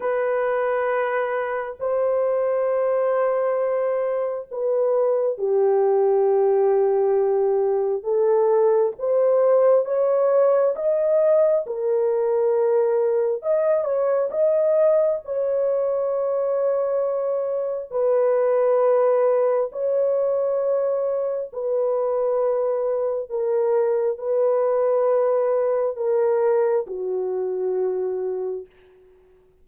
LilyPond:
\new Staff \with { instrumentName = "horn" } { \time 4/4 \tempo 4 = 67 b'2 c''2~ | c''4 b'4 g'2~ | g'4 a'4 c''4 cis''4 | dis''4 ais'2 dis''8 cis''8 |
dis''4 cis''2. | b'2 cis''2 | b'2 ais'4 b'4~ | b'4 ais'4 fis'2 | }